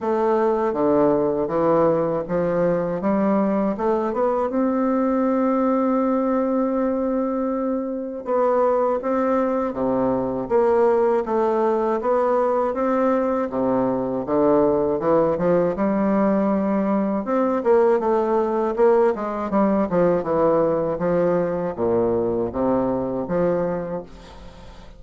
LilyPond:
\new Staff \with { instrumentName = "bassoon" } { \time 4/4 \tempo 4 = 80 a4 d4 e4 f4 | g4 a8 b8 c'2~ | c'2. b4 | c'4 c4 ais4 a4 |
b4 c'4 c4 d4 | e8 f8 g2 c'8 ais8 | a4 ais8 gis8 g8 f8 e4 | f4 ais,4 c4 f4 | }